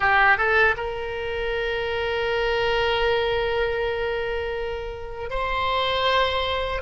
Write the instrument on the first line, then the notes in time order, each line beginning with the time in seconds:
oboe
0.00 G4
0.37 A4
0.76 A#4
5.30 C5